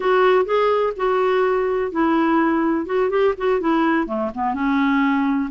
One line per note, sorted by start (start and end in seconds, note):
0.00 0.45 F#4
0.45 0.93 G#4
0.96 1.91 F#4
1.91 2.86 E4
2.86 3.09 F#4
3.09 3.33 G4
3.37 3.60 F#4
3.60 4.07 E4
4.07 4.31 A3
4.34 4.54 B3
4.54 5.50 C#4